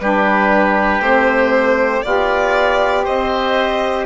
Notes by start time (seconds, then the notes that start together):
0.00 G3 D4 G4 B4
1.00 A3 C4 C5
2.03 B3 F4 G4 D5
3.04 C4 C5 D#5